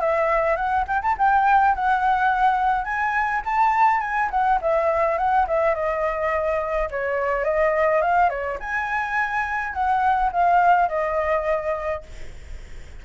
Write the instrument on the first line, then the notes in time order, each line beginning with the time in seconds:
flute
0.00 E5
0.56 F#5
0.87 G5
1.02 A5
1.18 G5
1.75 F#5
2.85 G#5
3.45 A5
4.01 G#5
4.30 F#5
4.61 E5
5.18 F#5
5.48 E5
5.75 D#5
6.90 C#5
7.44 D#5
8.01 F5
8.29 C#5
8.60 G#5
9.73 F#5
10.32 F5
10.89 D#5